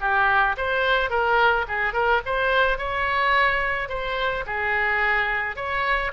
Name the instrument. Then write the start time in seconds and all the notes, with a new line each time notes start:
oboe
0.00 G4
0.57 C5
1.10 A#4
1.68 G#4
1.93 A#4
2.25 C5
2.78 C#5
3.88 C5
4.46 G#4
5.55 C#5